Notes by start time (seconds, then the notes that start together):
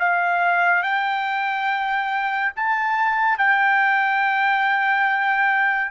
0.00 F5
0.83 G5
2.57 A5
3.38 G5